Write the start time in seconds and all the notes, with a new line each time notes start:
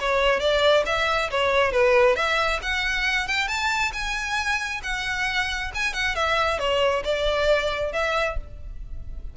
0.00 C#5
0.40 D5
0.86 E5
1.31 C#5
1.72 B4
2.16 E5
2.62 F#5
3.27 G5
3.48 A5
3.93 G#5
4.83 F#5
5.75 G#5
5.94 F#5
6.16 E5
6.59 C#5
7.04 D5
7.93 E5